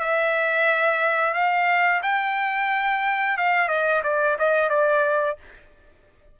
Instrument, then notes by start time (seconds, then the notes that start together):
trumpet
0.00 E5
1.34 F5
2.03 G5
3.38 F5
3.68 D#5
4.04 D5
4.39 D#5
4.70 D5